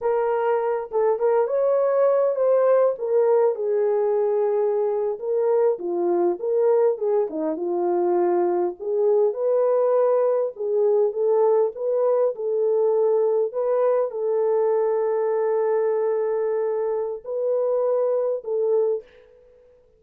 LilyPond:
\new Staff \with { instrumentName = "horn" } { \time 4/4 \tempo 4 = 101 ais'4. a'8 ais'8 cis''4. | c''4 ais'4 gis'2~ | gis'8. ais'4 f'4 ais'4 gis'16~ | gis'16 dis'8 f'2 gis'4 b'16~ |
b'4.~ b'16 gis'4 a'4 b'16~ | b'8. a'2 b'4 a'16~ | a'1~ | a'4 b'2 a'4 | }